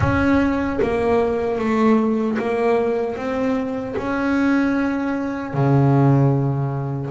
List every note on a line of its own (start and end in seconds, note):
0.00 0.79 C#4
0.81 1.58 A#3
1.58 2.37 A3
2.38 3.16 A#3
3.16 3.95 C4
3.97 5.53 C#4
5.53 7.11 C#3